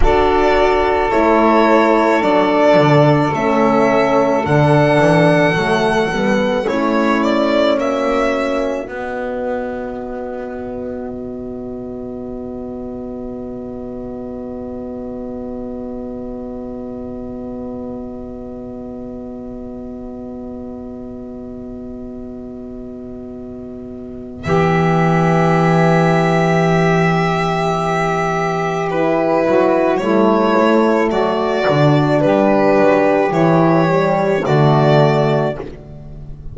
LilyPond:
<<
  \new Staff \with { instrumentName = "violin" } { \time 4/4 \tempo 4 = 54 d''4 cis''4 d''4 e''4 | fis''2 cis''8 d''8 e''4 | dis''1~ | dis''1~ |
dis''1~ | dis''2 e''2~ | e''2 b'4 cis''4 | d''4 b'4 cis''4 d''4 | }
  \new Staff \with { instrumentName = "saxophone" } { \time 4/4 a'1~ | a'2 e'4 fis'4~ | fis'1~ | fis'1~ |
fis'1~ | fis'2 g'2~ | g'2~ g'8 fis'8 e'4 | fis'4 g'2 fis'4 | }
  \new Staff \with { instrumentName = "horn" } { \time 4/4 fis'4 e'4 d'4 cis'4 | d'4 a8 b8 cis'2 | b1~ | b1~ |
b1~ | b1~ | b2 e'4 a4~ | a8 d'4. e'8 g8 a4 | }
  \new Staff \with { instrumentName = "double bass" } { \time 4/4 d'4 a4 fis8 d8 a4 | d8 e8 fis8 g8 a4 ais4 | b2 b,2~ | b,1~ |
b,1~ | b,2 e2~ | e2~ e8 fis8 g8 a8 | fis8 d8 g8 fis8 e4 d4 | }
>>